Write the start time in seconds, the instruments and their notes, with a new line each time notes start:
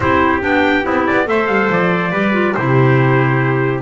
0.00 double bass C4, clarinet E4, trumpet G4 C5
0.41 double bass B3, clarinet D4, trumpet G5
0.83 trumpet B3, double bass C4, clarinet E4
1.06 double bass B3, trumpet D5
1.25 double bass A3, clarinet A4, trumpet C5 E5
1.46 double bass G3, trumpet F5
1.69 double bass F3, trumpet D5
2.11 double bass G3, clarinet G4, trumpet B4
2.32 clarinet F4
2.54 double bass C3, clarinet E4, trumpet G4 C5